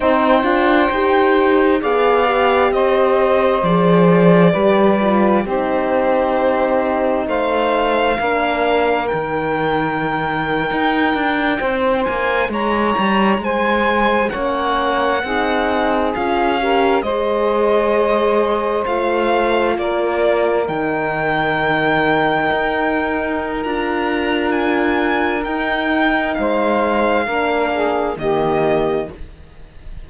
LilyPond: <<
  \new Staff \with { instrumentName = "violin" } { \time 4/4 \tempo 4 = 66 g''2 f''4 dis''4 | d''2 c''2 | f''2 g''2~ | g''4~ g''16 gis''8 ais''4 gis''4 fis''16~ |
fis''4.~ fis''16 f''4 dis''4~ dis''16~ | dis''8. f''4 d''4 g''4~ g''16~ | g''2 ais''4 gis''4 | g''4 f''2 dis''4 | }
  \new Staff \with { instrumentName = "saxophone" } { \time 4/4 c''2 d''4 c''4~ | c''4 b'4 g'2 | c''4 ais'2.~ | ais'8. c''4 cis''4 c''4 cis''16~ |
cis''8. gis'4. ais'8 c''4~ c''16~ | c''4.~ c''16 ais'2~ ais'16~ | ais'1~ | ais'4 c''4 ais'8 gis'8 g'4 | }
  \new Staff \with { instrumentName = "horn" } { \time 4/4 dis'8 f'8 g'4 gis'8 g'4. | gis'4 g'8 f'8 dis'2~ | dis'4 d'4 dis'2~ | dis'2.~ dis'8. cis'16~ |
cis'8. dis'4 f'8 g'8 gis'4~ gis'16~ | gis'8. f'2 dis'4~ dis'16~ | dis'2 f'2 | dis'2 d'4 ais4 | }
  \new Staff \with { instrumentName = "cello" } { \time 4/4 c'8 d'8 dis'4 b4 c'4 | f4 g4 c'2 | a4 ais4 dis4.~ dis16 dis'16~ | dis'16 d'8 c'8 ais8 gis8 g8 gis4 ais16~ |
ais8. c'4 cis'4 gis4~ gis16~ | gis8. a4 ais4 dis4~ dis16~ | dis8. dis'4~ dis'16 d'2 | dis'4 gis4 ais4 dis4 | }
>>